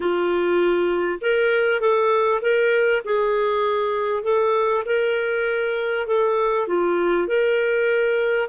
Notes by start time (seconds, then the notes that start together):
0.00 F4
1.21 A#4
1.80 A4
2.41 A#4
3.04 G#4
4.23 A4
4.85 A#4
6.06 A4
6.67 F4
7.27 A#4